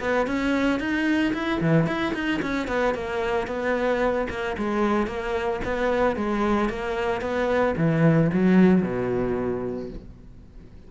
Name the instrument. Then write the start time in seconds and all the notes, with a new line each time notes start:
cello
0.00 B3
0.27 C#4
0.80 D#4
1.33 E4
1.61 E3
1.87 E4
2.14 D#4
2.42 C#4
2.67 B3
2.94 A#3
3.47 B3
4.30 A#3
4.58 G#3
5.07 A#3
5.64 B3
6.16 G#3
6.69 A#3
7.21 B3
7.77 E3
8.33 F#3
8.82 B2